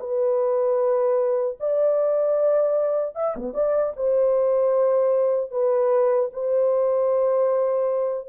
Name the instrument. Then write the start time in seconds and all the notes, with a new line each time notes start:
horn
0.00 B4
1.60 D5
3.16 E5
3.37 B3
3.54 D5
3.97 C5
5.51 B4
6.33 C5